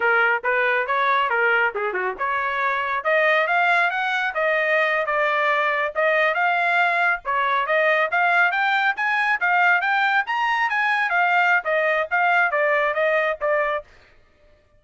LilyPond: \new Staff \with { instrumentName = "trumpet" } { \time 4/4 \tempo 4 = 139 ais'4 b'4 cis''4 ais'4 | gis'8 fis'8 cis''2 dis''4 | f''4 fis''4 dis''4.~ dis''16 d''16~ | d''4.~ d''16 dis''4 f''4~ f''16~ |
f''8. cis''4 dis''4 f''4 g''16~ | g''8. gis''4 f''4 g''4 ais''16~ | ais''8. gis''4 f''4~ f''16 dis''4 | f''4 d''4 dis''4 d''4 | }